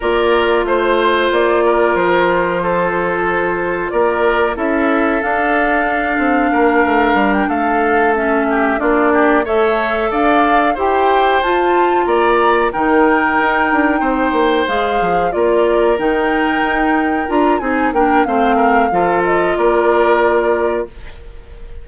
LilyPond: <<
  \new Staff \with { instrumentName = "flute" } { \time 4/4 \tempo 4 = 92 d''4 c''4 d''4 c''4~ | c''2 d''4 e''4 | f''2.~ f''16 g''16 f''8~ | f''8 e''4 d''4 e''4 f''8~ |
f''8 g''4 a''4 ais''4 g''8~ | g''2~ g''8 f''4 d''8~ | d''8 g''2 ais''8 gis''8 g''8 | f''4. dis''8 d''2 | }
  \new Staff \with { instrumentName = "oboe" } { \time 4/4 ais'4 c''4. ais'4. | a'2 ais'4 a'4~ | a'2 ais'4. a'8~ | a'4 g'8 f'8 g'8 cis''4 d''8~ |
d''8 c''2 d''4 ais'8~ | ais'4. c''2 ais'8~ | ais'2. gis'8 ais'8 | c''8 ais'8 a'4 ais'2 | }
  \new Staff \with { instrumentName = "clarinet" } { \time 4/4 f'1~ | f'2. e'4 | d'1~ | d'8 cis'4 d'4 a'4.~ |
a'8 g'4 f'2 dis'8~ | dis'2~ dis'8 gis'4 f'8~ | f'8 dis'2 f'8 dis'8 d'8 | c'4 f'2. | }
  \new Staff \with { instrumentName = "bassoon" } { \time 4/4 ais4 a4 ais4 f4~ | f2 ais4 cis'4 | d'4. c'8 ais8 a8 g8 a8~ | a4. ais4 a4 d'8~ |
d'8 e'4 f'4 ais4 dis8~ | dis8 dis'8 d'8 c'8 ais8 gis8 f8 ais8~ | ais8 dis4 dis'4 d'8 c'8 ais8 | a4 f4 ais2 | }
>>